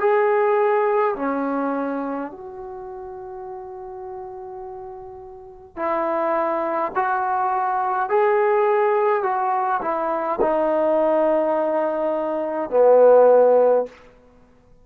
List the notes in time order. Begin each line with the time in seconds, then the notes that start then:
0.00 G#4
1.16 C#4
2.32 F#4
5.77 E4
6.96 F#4
8.10 G#4
9.24 F#4
9.82 E4
10.42 D#4
12.71 B3